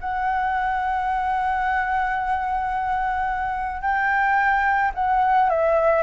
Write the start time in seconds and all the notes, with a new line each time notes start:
0.00 F#5
3.81 G5
4.94 F#5
5.49 E5